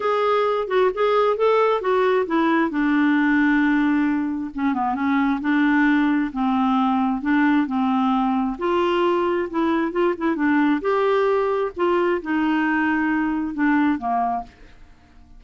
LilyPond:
\new Staff \with { instrumentName = "clarinet" } { \time 4/4 \tempo 4 = 133 gis'4. fis'8 gis'4 a'4 | fis'4 e'4 d'2~ | d'2 cis'8 b8 cis'4 | d'2 c'2 |
d'4 c'2 f'4~ | f'4 e'4 f'8 e'8 d'4 | g'2 f'4 dis'4~ | dis'2 d'4 ais4 | }